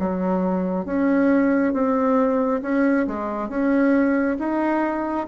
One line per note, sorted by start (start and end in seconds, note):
0.00 0.86 F#3
0.86 1.74 C#4
1.74 2.62 C4
2.63 3.07 C#4
3.08 3.49 G#3
3.49 4.38 C#4
4.39 5.27 D#4